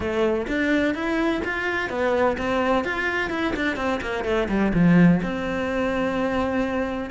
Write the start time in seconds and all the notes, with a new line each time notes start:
0.00 A3
0.47 D4
0.94 E4
1.44 F4
1.89 B3
2.37 C4
2.84 F4
3.29 E4
3.56 D4
3.76 C4
4.01 A#3
4.24 A3
4.49 G3
4.74 F3
5.22 C4